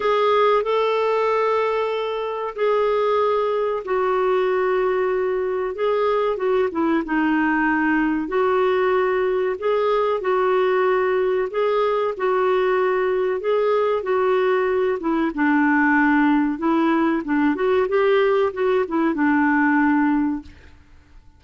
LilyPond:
\new Staff \with { instrumentName = "clarinet" } { \time 4/4 \tempo 4 = 94 gis'4 a'2. | gis'2 fis'2~ | fis'4 gis'4 fis'8 e'8 dis'4~ | dis'4 fis'2 gis'4 |
fis'2 gis'4 fis'4~ | fis'4 gis'4 fis'4. e'8 | d'2 e'4 d'8 fis'8 | g'4 fis'8 e'8 d'2 | }